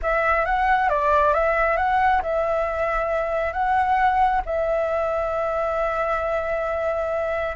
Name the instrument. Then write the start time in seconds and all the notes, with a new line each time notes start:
flute
0.02 E5
0.45 F#5
0.89 D5
1.33 E5
1.77 F#5
2.22 E5
3.53 F#5
4.45 E5